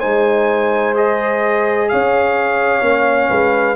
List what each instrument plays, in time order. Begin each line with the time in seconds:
0.00 tuba G#3, trombone D#4, horn C5, trumpet G#5
0.95 trombone G#4, trumpet D#5
1.89 tuba C#4, horn C#5, trumpet F5
2.81 tuba A#3, trombone C#4
3.30 tuba G#3, horn B4